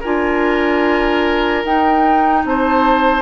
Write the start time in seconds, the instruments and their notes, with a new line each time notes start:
0.00 bassoon D4, clarinet F4, oboe A#4, flute G#5
1.64 bassoon D#4, clarinet D#4, flute G5
2.44 bassoon C4, oboe C5, flute A5